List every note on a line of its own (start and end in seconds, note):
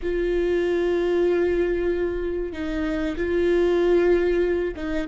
0.02 2.53 F4
2.53 3.16 D#4
3.16 4.74 F4
4.76 5.07 D#4